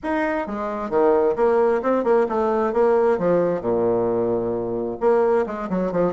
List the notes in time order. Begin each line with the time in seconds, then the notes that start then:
0.03 D#4
0.46 G#3
0.90 D#3
1.36 A#3
1.82 C4
2.04 A#3
2.29 A3
2.73 A#3
3.18 F3
3.61 A#2
5.00 A#3
5.46 G#3
5.69 F#3
5.92 F3